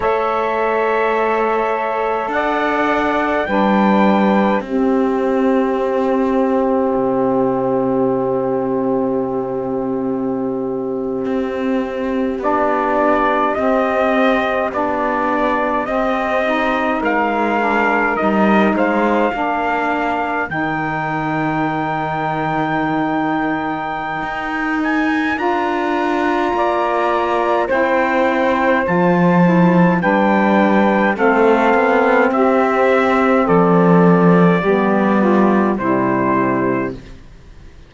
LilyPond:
<<
  \new Staff \with { instrumentName = "trumpet" } { \time 4/4 \tempo 4 = 52 e''2 fis''4 g''4 | e''1~ | e''2~ e''8. d''4 dis''16~ | dis''8. d''4 dis''4 f''4 dis''16~ |
dis''16 f''4. g''2~ g''16~ | g''4. gis''8 ais''2 | g''4 a''4 g''4 f''4 | e''4 d''2 c''4 | }
  \new Staff \with { instrumentName = "saxophone" } { \time 4/4 cis''2 d''4 b'4 | g'1~ | g'1~ | g'2~ g'8. ais'4~ ais'16~ |
ais'16 c''8 ais'2.~ ais'16~ | ais'2. d''4 | c''2 b'4 a'4 | g'4 a'4 g'8 f'8 e'4 | }
  \new Staff \with { instrumentName = "saxophone" } { \time 4/4 a'2. d'4 | c'1~ | c'2~ c'8. d'4 c'16~ | c'8. d'4 c'8 dis'4 d'8 dis'16~ |
dis'8. d'4 dis'2~ dis'16~ | dis'2 f'2 | e'4 f'8 e'8 d'4 c'4~ | c'2 b4 g4 | }
  \new Staff \with { instrumentName = "cello" } { \time 4/4 a2 d'4 g4 | c'2 c2~ | c4.~ c16 c'4 b4 c'16~ | c'8. b4 c'4 gis4 g16~ |
g16 gis8 ais4 dis2~ dis16~ | dis4 dis'4 d'4 ais4 | c'4 f4 g4 a8 b8 | c'4 f4 g4 c4 | }
>>